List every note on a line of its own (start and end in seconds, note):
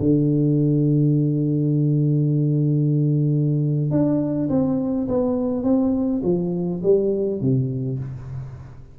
0.00 3.91 D3
3.91 4.49 D4
4.50 5.08 C4
5.08 5.64 B3
5.64 6.22 C4
6.24 6.82 F3
6.83 7.41 G3
7.41 7.99 C3